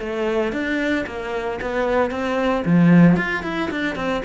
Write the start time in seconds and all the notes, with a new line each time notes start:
0.00 A3
0.53 D4
1.07 A#3
1.61 B3
2.11 C4
2.66 F3
3.17 F4
3.44 E4
3.71 D4
3.96 C4